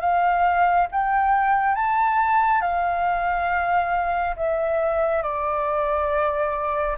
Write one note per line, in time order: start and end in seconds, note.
0.00 0.87 F5
0.91 1.75 G5
1.75 2.61 A5
2.61 4.35 F5
4.36 5.22 E5
5.22 6.96 D5